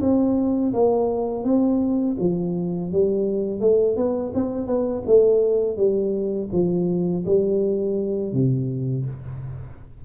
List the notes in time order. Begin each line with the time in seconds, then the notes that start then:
0.00 C4
0.73 A#3
1.44 C4
2.19 F3
2.91 G3
3.60 A3
3.96 B3
4.34 C4
4.66 B3
5.06 A3
5.76 G3
6.52 F3
7.26 G3
8.32 C3